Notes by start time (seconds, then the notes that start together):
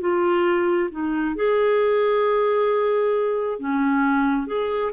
0.00 F4
0.91 D#4
1.36 G#4
3.59 C#4
4.47 G#4